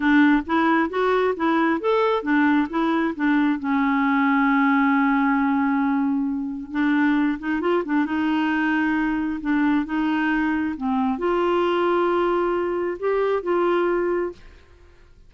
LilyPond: \new Staff \with { instrumentName = "clarinet" } { \time 4/4 \tempo 4 = 134 d'4 e'4 fis'4 e'4 | a'4 d'4 e'4 d'4 | cis'1~ | cis'2. d'4~ |
d'8 dis'8 f'8 d'8 dis'2~ | dis'4 d'4 dis'2 | c'4 f'2.~ | f'4 g'4 f'2 | }